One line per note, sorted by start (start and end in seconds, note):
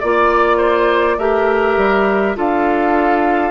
0.00 1.18 A#3
0.00 1.20 F4
0.00 0.57 D5
0.00 1.19 D5
0.57 1.16 C5
1.18 1.77 A3
1.18 2.36 G4
1.18 2.37 A#4
1.18 2.37 E5
1.77 2.36 G3
2.36 3.51 D4
2.36 3.51 F4
2.36 3.51 A4
2.36 3.51 F5